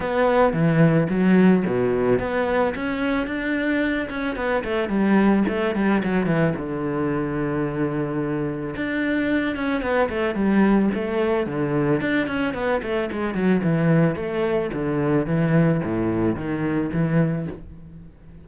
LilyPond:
\new Staff \with { instrumentName = "cello" } { \time 4/4 \tempo 4 = 110 b4 e4 fis4 b,4 | b4 cis'4 d'4. cis'8 | b8 a8 g4 a8 g8 fis8 e8 | d1 |
d'4. cis'8 b8 a8 g4 | a4 d4 d'8 cis'8 b8 a8 | gis8 fis8 e4 a4 d4 | e4 a,4 dis4 e4 | }